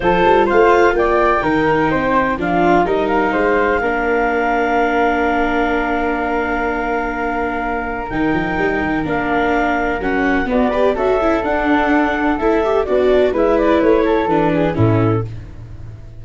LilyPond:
<<
  \new Staff \with { instrumentName = "clarinet" } { \time 4/4 \tempo 4 = 126 c''4 f''4 g''2~ | g''4 f''4 dis''8 f''4.~ | f''1~ | f''1~ |
f''4 g''2 f''4~ | f''4 fis''4 d''4 e''4 | fis''2 e''4 d''4 | e''8 d''8 cis''4 b'4 a'4 | }
  \new Staff \with { instrumentName = "flute" } { \time 4/4 a'4 c''4 d''4 ais'4 | c''4 f'4 ais'4 c''4 | ais'1~ | ais'1~ |
ais'1~ | ais'2 fis'8 b'8 a'4~ | a'2. d'4 | b'4. a'4 gis'8 e'4 | }
  \new Staff \with { instrumentName = "viola" } { \time 4/4 f'2. dis'4~ | dis'4 d'4 dis'2 | d'1~ | d'1~ |
d'4 dis'2 d'4~ | d'4 cis'4 b8 g'8 fis'8 e'8 | d'2 e'8 g'8 fis'4 | e'2 d'4 cis'4 | }
  \new Staff \with { instrumentName = "tuba" } { \time 4/4 f8 g8 a4 ais4 dis4 | c'4 f4 g4 gis4 | ais1~ | ais1~ |
ais4 dis8 f8 g8 dis8 ais4~ | ais4 fis4 b4 cis'4 | d'2 a4 b4 | gis4 a4 e4 a,4 | }
>>